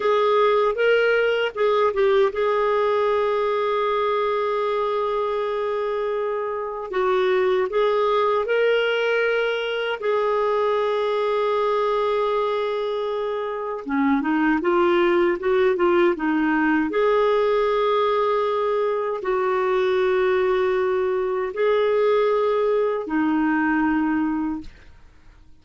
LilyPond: \new Staff \with { instrumentName = "clarinet" } { \time 4/4 \tempo 4 = 78 gis'4 ais'4 gis'8 g'8 gis'4~ | gis'1~ | gis'4 fis'4 gis'4 ais'4~ | ais'4 gis'2.~ |
gis'2 cis'8 dis'8 f'4 | fis'8 f'8 dis'4 gis'2~ | gis'4 fis'2. | gis'2 dis'2 | }